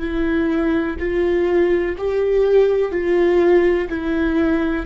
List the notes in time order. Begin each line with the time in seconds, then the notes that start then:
0.00 E4
1.00 F4
1.98 G4
2.92 F4
3.90 E4